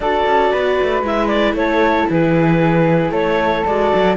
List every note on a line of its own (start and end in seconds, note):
0.00 0.24 D4
0.00 1.04 F#4
0.00 0.52 A4
0.00 1.04 D5
0.25 0.52 C#4
0.52 0.80 B3
0.52 1.56 B4
0.82 1.02 A3
1.02 1.53 G#3
1.02 3.65 E4
1.02 1.27 E5
1.27 1.53 D5
1.53 2.05 A3
1.53 2.09 A4
1.53 2.08 C#5
2.09 3.10 E3
2.09 3.11 G#4
2.09 3.13 B4
3.10 3.62 A3
3.10 4.16 A4
3.10 3.65 C#5
3.65 3.92 G#3
3.65 4.16 F#4
3.65 4.16 D5
3.95 4.16 F#3